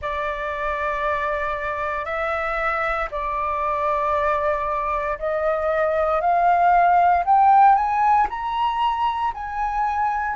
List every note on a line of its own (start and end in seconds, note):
0.01 2.05 D5
2.05 3.08 E5
3.11 5.18 D5
5.18 6.20 D#5
6.20 7.24 F5
7.24 7.75 G5
7.75 8.27 G#5
8.29 9.33 A#5
9.33 10.35 G#5